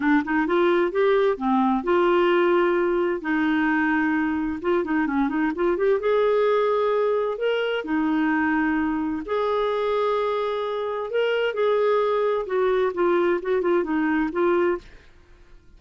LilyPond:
\new Staff \with { instrumentName = "clarinet" } { \time 4/4 \tempo 4 = 130 d'8 dis'8 f'4 g'4 c'4 | f'2. dis'4~ | dis'2 f'8 dis'8 cis'8 dis'8 | f'8 g'8 gis'2. |
ais'4 dis'2. | gis'1 | ais'4 gis'2 fis'4 | f'4 fis'8 f'8 dis'4 f'4 | }